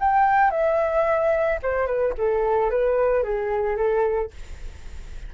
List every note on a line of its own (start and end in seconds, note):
0.00 0.51 G5
0.51 1.59 E5
1.63 1.86 C5
1.86 2.14 B4
2.18 2.71 A4
2.71 3.23 B4
3.23 3.77 G#4
3.77 4.31 A4